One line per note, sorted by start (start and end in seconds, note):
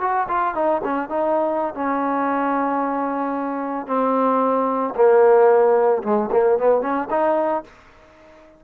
0.00 0.27 F#4
0.28 0.54 F4
0.54 0.81 D#4
0.83 1.09 C#4
1.09 1.74 D#4
1.74 3.87 C#4
3.87 4.94 C4
4.95 6.02 A#3
6.03 6.29 G#3
6.32 6.58 A#3
6.58 6.81 B3
6.81 7.08 C#4
7.10 7.63 D#4